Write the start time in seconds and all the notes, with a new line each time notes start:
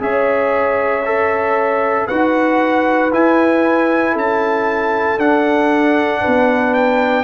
0.00 C#4 G#4 C#5 E5
1.06 A4
2.07 D#4 F#4 B4 F#5
3.12 E4 G#5
4.13 C#4 A4 A5
5.18 D4 F#5
6.21 B3 B4
6.74 G5